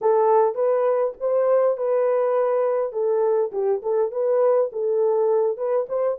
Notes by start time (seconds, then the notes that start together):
0.01 A4
0.55 B4
1.20 C5
1.77 B4
2.92 A4
3.52 G4
3.82 A4
4.11 B4
4.72 A4
5.57 B4
5.88 C5